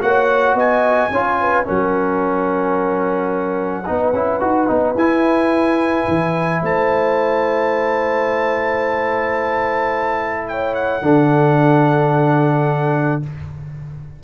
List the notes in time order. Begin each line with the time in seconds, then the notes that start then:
0.00 A#3 F#4 C#5 F#5
0.54 B3 D#5 G#5
1.11 C#4 F4 C#5
1.40 B4
1.64 F#3 C#4 A#4 F#5
3.86 B3 D#4 B4
4.13 C#4 E4
4.40 D#4 F#4
4.67 B3 D#4
4.95 E4 G#5
6.07 E3
6.61 A3 C5 A5
10.48 C#5 G5
10.74 F#5
11.02 D3 D4 A4